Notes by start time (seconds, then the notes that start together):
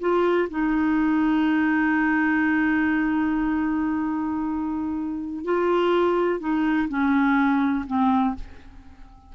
0.00 F4
0.49 D#4
5.45 F4
6.40 D#4
6.88 C#4
7.87 C4